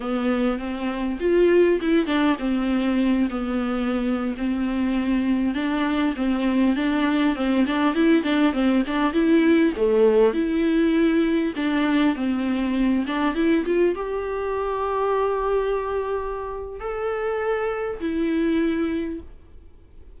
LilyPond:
\new Staff \with { instrumentName = "viola" } { \time 4/4 \tempo 4 = 100 b4 c'4 f'4 e'8 d'8 | c'4. b4.~ b16 c'8.~ | c'4~ c'16 d'4 c'4 d'8.~ | d'16 c'8 d'8 e'8 d'8 c'8 d'8 e'8.~ |
e'16 a4 e'2 d'8.~ | d'16 c'4. d'8 e'8 f'8 g'8.~ | g'1 | a'2 e'2 | }